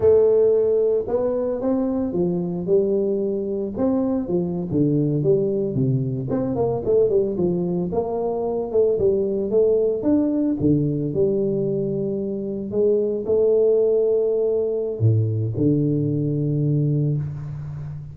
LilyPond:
\new Staff \with { instrumentName = "tuba" } { \time 4/4 \tempo 4 = 112 a2 b4 c'4 | f4 g2 c'4 | f8. d4 g4 c4 c'16~ | c'16 ais8 a8 g8 f4 ais4~ ais16~ |
ais16 a8 g4 a4 d'4 d16~ | d8. g2. gis16~ | gis8. a2.~ a16 | a,4 d2. | }